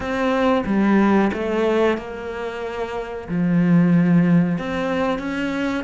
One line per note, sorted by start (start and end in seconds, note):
0.00 0.63 C4
0.66 1.31 G3
1.33 1.97 A3
1.97 3.28 A#3
3.28 4.58 F3
4.58 5.18 C4
5.18 5.83 C#4